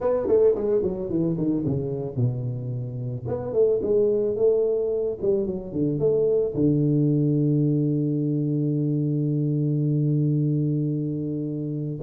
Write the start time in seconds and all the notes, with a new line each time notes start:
0.00 B3
0.27 A3
0.55 G#3
0.82 F#3
1.09 E3
1.37 D#3
1.66 C#3
2.16 B2
3.27 B3
3.53 A3
3.82 G#3
4.36 A3
5.21 G3
5.46 F#3
5.72 D3
5.99 A3
6.54 D3